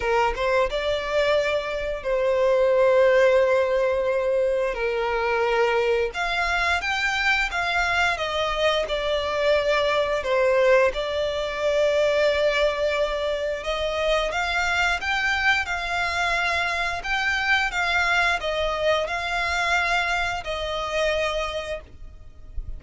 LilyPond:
\new Staff \with { instrumentName = "violin" } { \time 4/4 \tempo 4 = 88 ais'8 c''8 d''2 c''4~ | c''2. ais'4~ | ais'4 f''4 g''4 f''4 | dis''4 d''2 c''4 |
d''1 | dis''4 f''4 g''4 f''4~ | f''4 g''4 f''4 dis''4 | f''2 dis''2 | }